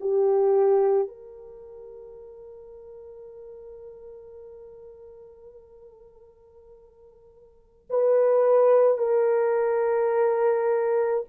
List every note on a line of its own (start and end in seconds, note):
0.00 1.08 G4
1.08 7.87 A#4
7.89 8.97 B4
8.97 11.24 A#4